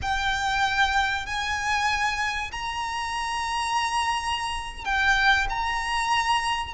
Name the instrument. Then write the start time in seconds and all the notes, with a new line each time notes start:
violin
0.02 G5
1.26 G#5
2.51 A#5
4.84 G5
5.49 A#5